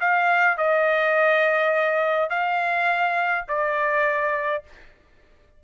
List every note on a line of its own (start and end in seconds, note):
0.00 0.57 F5
0.57 2.30 D#5
2.30 3.45 F5
3.48 4.64 D5